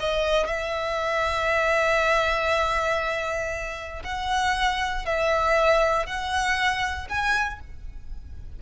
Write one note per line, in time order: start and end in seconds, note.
0.00 0.47 D#5
0.47 4.03 E5
4.04 5.05 F#5
5.05 6.06 E5
6.06 7.08 F#5
7.09 7.60 G#5